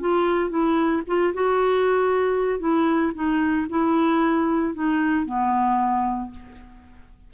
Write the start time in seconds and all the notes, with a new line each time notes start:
0.00 F4
0.50 E4
1.07 F4
1.33 F#4
2.59 E4
3.14 D#4
3.69 E4
4.74 D#4
5.25 B3